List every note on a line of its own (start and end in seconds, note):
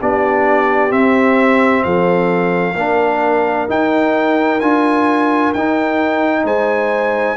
0.00 0.92 B3
0.00 0.89 D4
0.00 1.84 G4
0.00 0.92 D5
0.89 2.74 C4
0.89 1.84 C4
0.89 1.83 E5
1.83 2.75 F3
1.83 2.76 A4
1.83 3.67 F5
2.75 3.67 A#3
2.75 3.68 D4
2.75 6.44 A#4
3.68 4.60 D#4
3.68 4.61 D#4
3.68 4.60 G5
4.60 5.53 D4
4.60 5.54 F4
4.60 5.53 G#5
5.53 6.44 D#4
5.53 7.37 D#4
5.53 6.46 G5
6.44 7.36 G#3
6.44 7.36 C5
6.44 7.37 G#5